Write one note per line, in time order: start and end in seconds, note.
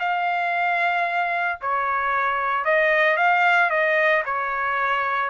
0.00 1.59 F5
1.61 2.65 C#5
2.65 3.17 D#5
3.17 3.70 F5
3.70 4.24 D#5
4.25 5.30 C#5